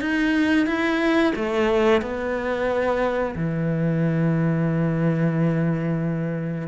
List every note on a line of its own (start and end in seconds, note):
0.00 0.66 D#4
0.66 1.33 E4
1.35 2.01 A3
2.01 3.35 B3
3.35 6.68 E3